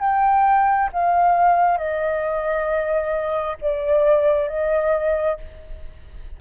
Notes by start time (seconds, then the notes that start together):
0.00 G5
0.93 F5
1.78 D#5
3.61 D5
4.49 D#5